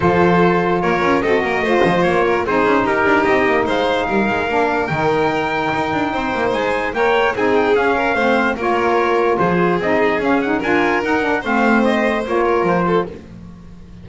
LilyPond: <<
  \new Staff \with { instrumentName = "trumpet" } { \time 4/4 \tempo 4 = 147 c''2 cis''4 dis''4~ | dis''4 cis''4 c''4 ais'4 | dis''4 f''2. | g''1 |
gis''4 g''4 gis''8 g''8 f''4~ | f''4 cis''2 c''4 | dis''4 f''8 fis''8 gis''4 fis''4 | f''4 dis''4 cis''4 c''4 | }
  \new Staff \with { instrumentName = "violin" } { \time 4/4 a'2 ais'4 a'8 ais'8 | c''4. ais'8 gis'4 g'4~ | g'4 c''4 ais'2~ | ais'2. c''4~ |
c''4 cis''4 gis'4. ais'8 | c''4 ais'2 gis'4~ | gis'2 ais'2 | c''2~ c''8 ais'4 a'8 | }
  \new Staff \with { instrumentName = "saxophone" } { \time 4/4 f'2. fis'4 | f'2 dis'2~ | dis'2. d'4 | dis'1~ |
dis'4 ais'4 dis'4 cis'4 | c'4 f'2. | dis'4 cis'8 dis'8 f'4 dis'8 d'8 | c'2 f'2 | }
  \new Staff \with { instrumentName = "double bass" } { \time 4/4 f2 ais8 cis'8 c'8 ais8 | a8 f8 ais4 c'8 cis'8 dis'8 d'8 | c'8 ais8 gis4 g8 gis8 ais4 | dis2 dis'8 d'8 c'8 ais8 |
gis4 ais4 c'4 cis'4 | a4 ais2 f4 | c'4 cis'4 d'4 dis'4 | a2 ais4 f4 | }
>>